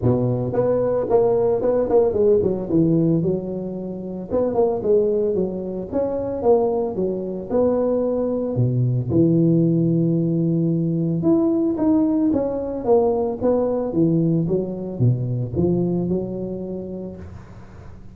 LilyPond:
\new Staff \with { instrumentName = "tuba" } { \time 4/4 \tempo 4 = 112 b,4 b4 ais4 b8 ais8 | gis8 fis8 e4 fis2 | b8 ais8 gis4 fis4 cis'4 | ais4 fis4 b2 |
b,4 e2.~ | e4 e'4 dis'4 cis'4 | ais4 b4 e4 fis4 | b,4 f4 fis2 | }